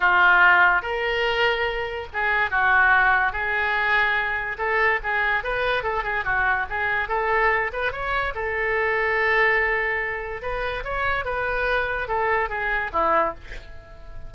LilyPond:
\new Staff \with { instrumentName = "oboe" } { \time 4/4 \tempo 4 = 144 f'2 ais'2~ | ais'4 gis'4 fis'2 | gis'2. a'4 | gis'4 b'4 a'8 gis'8 fis'4 |
gis'4 a'4. b'8 cis''4 | a'1~ | a'4 b'4 cis''4 b'4~ | b'4 a'4 gis'4 e'4 | }